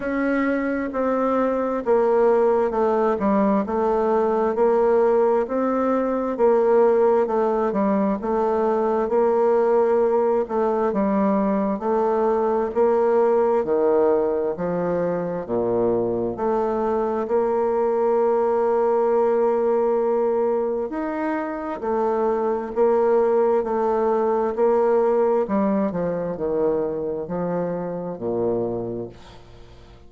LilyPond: \new Staff \with { instrumentName = "bassoon" } { \time 4/4 \tempo 4 = 66 cis'4 c'4 ais4 a8 g8 | a4 ais4 c'4 ais4 | a8 g8 a4 ais4. a8 | g4 a4 ais4 dis4 |
f4 ais,4 a4 ais4~ | ais2. dis'4 | a4 ais4 a4 ais4 | g8 f8 dis4 f4 ais,4 | }